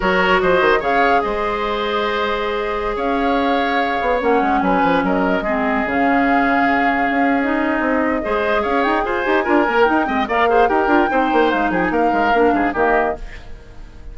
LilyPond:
<<
  \new Staff \with { instrumentName = "flute" } { \time 4/4 \tempo 4 = 146 cis''4 dis''4 f''4 dis''4~ | dis''2.~ dis''16 f''8.~ | f''2~ f''16 fis''4 gis''8.~ | gis''16 dis''2 f''4.~ f''16~ |
f''2 dis''2~ | dis''4 f''8 g''8 gis''2 | g''4 f''4 g''2 | f''8 g''16 gis''16 f''2 dis''4 | }
  \new Staff \with { instrumentName = "oboe" } { \time 4/4 ais'4 c''4 cis''4 c''4~ | c''2.~ c''16 cis''8.~ | cis''2.~ cis''16 b'8.~ | b'16 ais'4 gis'2~ gis'8.~ |
gis'1 | c''4 cis''4 c''4 ais'4~ | ais'8 dis''8 d''8 c''8 ais'4 c''4~ | c''8 gis'8 ais'4. gis'8 g'4 | }
  \new Staff \with { instrumentName = "clarinet" } { \time 4/4 fis'2 gis'2~ | gis'1~ | gis'2~ gis'16 cis'4.~ cis'16~ | cis'4~ cis'16 c'4 cis'4.~ cis'16~ |
cis'2 dis'2 | gis'2~ gis'8 g'8 f'8 ais'8 | dis'8 c'8 ais'8 gis'8 g'8 f'8 dis'4~ | dis'2 d'4 ais4 | }
  \new Staff \with { instrumentName = "bassoon" } { \time 4/4 fis4 f8 dis8 cis4 gis4~ | gis2.~ gis16 cis'8.~ | cis'4.~ cis'16 b8 ais8 gis8 fis8 f16~ | f16 fis4 gis4 cis4.~ cis16~ |
cis4~ cis16 cis'4.~ cis'16 c'4 | gis4 cis'8 dis'8 f'8 dis'8 d'8 ais8 | dis'8 gis8 ais4 dis'8 d'8 c'8 ais8 | gis8 f8 ais8 gis8 ais8 gis,8 dis4 | }
>>